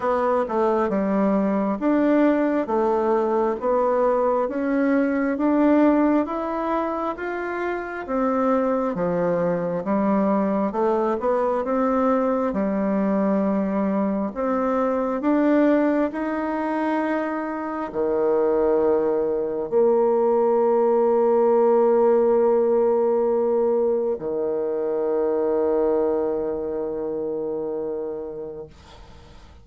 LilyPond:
\new Staff \with { instrumentName = "bassoon" } { \time 4/4 \tempo 4 = 67 b8 a8 g4 d'4 a4 | b4 cis'4 d'4 e'4 | f'4 c'4 f4 g4 | a8 b8 c'4 g2 |
c'4 d'4 dis'2 | dis2 ais2~ | ais2. dis4~ | dis1 | }